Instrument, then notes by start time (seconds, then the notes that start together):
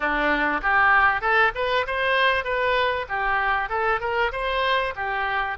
oboe
0.00 D4
0.62 G4
1.21 A4
1.55 B4
1.86 C5
2.44 B4
3.08 G4
3.69 A4
4.00 A#4
4.32 C5
4.95 G4